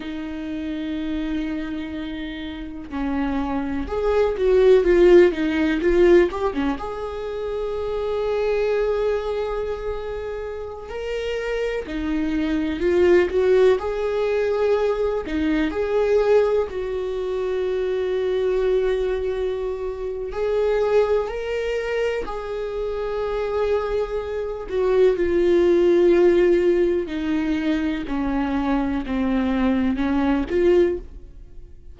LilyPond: \new Staff \with { instrumentName = "viola" } { \time 4/4 \tempo 4 = 62 dis'2. cis'4 | gis'8 fis'8 f'8 dis'8 f'8 g'16 cis'16 gis'4~ | gis'2.~ gis'16 ais'8.~ | ais'16 dis'4 f'8 fis'8 gis'4. dis'16~ |
dis'16 gis'4 fis'2~ fis'8.~ | fis'4 gis'4 ais'4 gis'4~ | gis'4. fis'8 f'2 | dis'4 cis'4 c'4 cis'8 f'8 | }